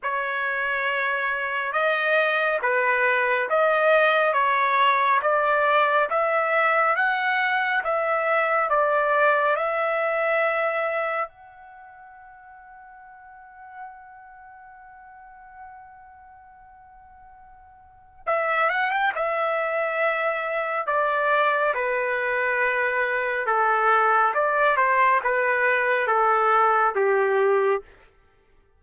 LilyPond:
\new Staff \with { instrumentName = "trumpet" } { \time 4/4 \tempo 4 = 69 cis''2 dis''4 b'4 | dis''4 cis''4 d''4 e''4 | fis''4 e''4 d''4 e''4~ | e''4 fis''2.~ |
fis''1~ | fis''4 e''8 fis''16 g''16 e''2 | d''4 b'2 a'4 | d''8 c''8 b'4 a'4 g'4 | }